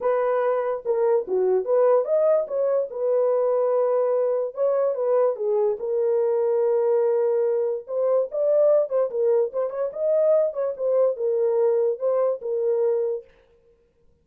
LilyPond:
\new Staff \with { instrumentName = "horn" } { \time 4/4 \tempo 4 = 145 b'2 ais'4 fis'4 | b'4 dis''4 cis''4 b'4~ | b'2. cis''4 | b'4 gis'4 ais'2~ |
ais'2. c''4 | d''4. c''8 ais'4 c''8 cis''8 | dis''4. cis''8 c''4 ais'4~ | ais'4 c''4 ais'2 | }